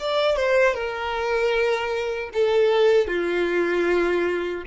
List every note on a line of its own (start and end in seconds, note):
0.00 0.37 D5
0.37 0.74 C5
0.74 2.30 A#4
2.33 3.08 A4
3.08 4.64 F4